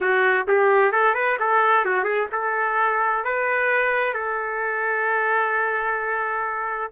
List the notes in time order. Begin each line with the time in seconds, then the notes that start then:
0.00 F#4
0.47 G4
0.92 A4
1.14 B4
1.39 A4
1.85 F#4
2.03 G#4
2.32 A4
3.24 B4
4.13 A4